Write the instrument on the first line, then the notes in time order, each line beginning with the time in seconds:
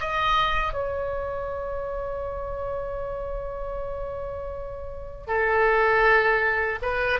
oboe
0.00 D#5
0.73 C#5
5.27 A4
6.82 B4